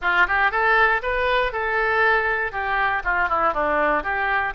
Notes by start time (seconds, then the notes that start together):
0.01 F4
0.27 G4
0.51 A4
1.02 B4
1.52 A4
2.52 G4
3.04 F4
3.28 E4
3.53 D4
4.03 G4